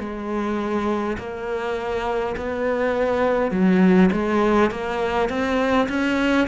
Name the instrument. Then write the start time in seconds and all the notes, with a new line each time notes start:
cello
0.00 G#3
1.19 A#3
2.37 B3
3.51 F#3
4.13 G#3
4.71 A#3
5.29 C4
5.89 C#4